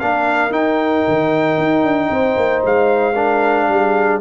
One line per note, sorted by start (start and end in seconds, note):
0.00 0.51 A#3
0.00 0.51 D4
0.00 2.11 A#4
0.00 0.53 F5
0.51 1.03 D#4
0.51 3.14 D#4
0.51 2.64 G5
1.08 1.58 D#3
1.58 1.84 D#4
1.84 2.10 D4
2.10 2.37 C4
2.10 3.14 C5
2.37 2.63 A#3
2.64 3.69 G#3
2.64 4.21 F5
3.14 4.21 D4
3.14 3.66 A#4
3.69 4.21 G3
3.69 4.21 G#4